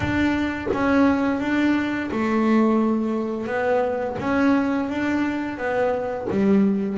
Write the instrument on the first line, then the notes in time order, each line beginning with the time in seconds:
double bass
0.00 D4
0.73 C#4
1.40 D4
2.11 A3
3.46 B3
4.19 C#4
4.89 D4
5.57 B3
6.29 G3